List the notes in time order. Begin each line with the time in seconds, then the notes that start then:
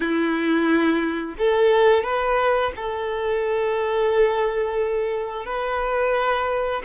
0.00 E4
1.38 A4
2.03 B4
2.76 A4
5.45 B4